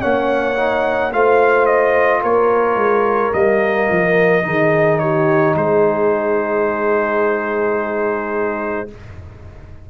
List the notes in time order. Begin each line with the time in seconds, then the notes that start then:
0.00 A#3 C#4 C#5 F#5
0.56 D#4
1.13 A3 F4 C5 F5
1.66 D#5
2.22 A#3 A#4 C#5
2.76 G#3
3.33 G3 A#3 D#5
3.90 F3
4.43 D#3 D#4 G#4
4.99 G4 C#5
5.56 G#3 G#4 C5